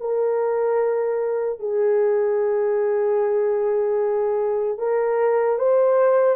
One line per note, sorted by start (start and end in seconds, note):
0.00 1.59 A#4
1.59 4.78 G#4
4.78 5.58 A#4
5.58 6.36 C5